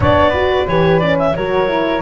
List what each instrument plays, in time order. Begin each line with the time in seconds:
0.00 double bass B3, horn D4, flute C#5, clarinet D5
0.29 horn F#4, flute B4
0.67 double bass E3, horn G4, clarinet C#5
0.99 horn C#4, clarinet D5
1.19 clarinet E5
1.35 double bass F#3, horn F#4, flute A#4, clarinet C#5
1.67 horn E4